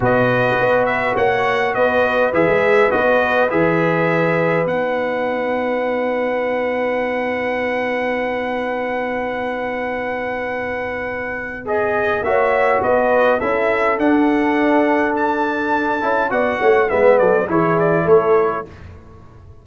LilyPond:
<<
  \new Staff \with { instrumentName = "trumpet" } { \time 4/4 \tempo 4 = 103 dis''4. e''8 fis''4 dis''4 | e''4 dis''4 e''2 | fis''1~ | fis''1~ |
fis''1 | dis''4 e''4 dis''4 e''4 | fis''2 a''2 | fis''4 e''8 d''8 cis''8 d''8 cis''4 | }
  \new Staff \with { instrumentName = "horn" } { \time 4/4 b'2 cis''4 b'4~ | b'1~ | b'1~ | b'1~ |
b'1~ | b'4 cis''4 b'4 a'4~ | a'1 | d''8 cis''8 b'8 a'8 gis'4 a'4 | }
  \new Staff \with { instrumentName = "trombone" } { \time 4/4 fis'1 | gis'4 fis'4 gis'2 | dis'1~ | dis'1~ |
dis'1 | gis'4 fis'2 e'4 | d'2.~ d'8 e'8 | fis'4 b4 e'2 | }
  \new Staff \with { instrumentName = "tuba" } { \time 4/4 b,4 b4 ais4 b4 | e16 gis8. b4 e2 | b1~ | b1~ |
b1~ | b4 ais4 b4 cis'4 | d'2.~ d'8 cis'8 | b8 a8 gis8 fis8 e4 a4 | }
>>